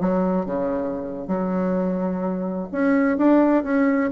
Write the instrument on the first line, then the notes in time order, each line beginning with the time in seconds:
bassoon
0.00 F#3
0.46 C#3
1.28 F#3
2.72 C#4
3.18 D4
3.64 C#4